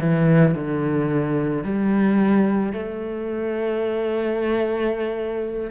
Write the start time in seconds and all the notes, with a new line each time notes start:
0.00 E3
0.55 D3
1.63 G3
2.72 A3